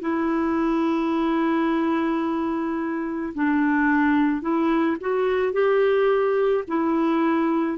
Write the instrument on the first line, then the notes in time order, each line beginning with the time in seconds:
clarinet
0.00 E4
3.34 D4
4.41 E4
5.00 F#4
5.53 G4
6.67 E4